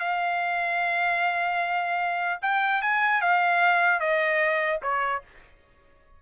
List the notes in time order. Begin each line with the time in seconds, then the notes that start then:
0.00 F5
2.42 G5
2.82 G#5
3.22 F5
4.00 D#5
4.83 C#5